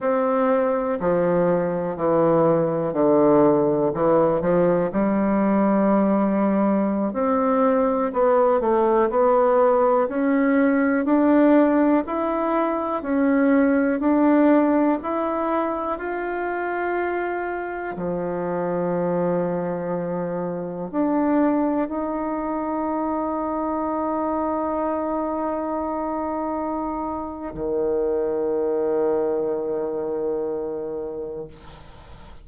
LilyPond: \new Staff \with { instrumentName = "bassoon" } { \time 4/4 \tempo 4 = 61 c'4 f4 e4 d4 | e8 f8 g2~ g16 c'8.~ | c'16 b8 a8 b4 cis'4 d'8.~ | d'16 e'4 cis'4 d'4 e'8.~ |
e'16 f'2 f4.~ f16~ | f4~ f16 d'4 dis'4.~ dis'16~ | dis'1 | dis1 | }